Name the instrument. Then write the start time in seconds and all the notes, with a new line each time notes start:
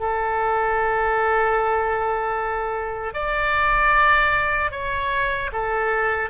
oboe
0.00 A4
3.14 D5
4.72 C#5
5.53 A4